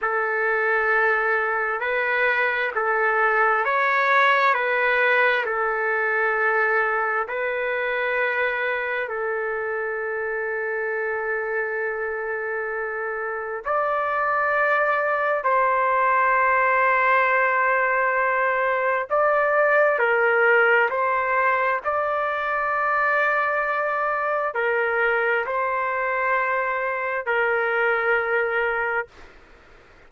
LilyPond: \new Staff \with { instrumentName = "trumpet" } { \time 4/4 \tempo 4 = 66 a'2 b'4 a'4 | cis''4 b'4 a'2 | b'2 a'2~ | a'2. d''4~ |
d''4 c''2.~ | c''4 d''4 ais'4 c''4 | d''2. ais'4 | c''2 ais'2 | }